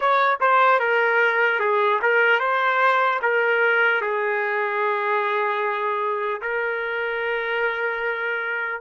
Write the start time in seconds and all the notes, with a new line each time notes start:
0.00 C#5
0.40 C5
0.79 A#4
1.59 G#4
2.01 A#4
2.39 C5
3.22 A#4
4.01 G#4
6.41 A#4